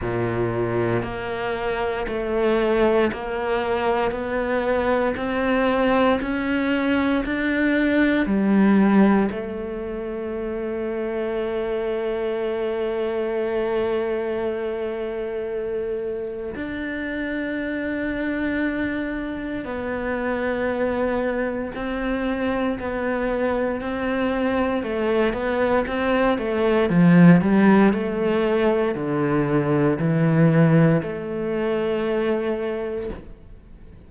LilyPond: \new Staff \with { instrumentName = "cello" } { \time 4/4 \tempo 4 = 58 ais,4 ais4 a4 ais4 | b4 c'4 cis'4 d'4 | g4 a2.~ | a1 |
d'2. b4~ | b4 c'4 b4 c'4 | a8 b8 c'8 a8 f8 g8 a4 | d4 e4 a2 | }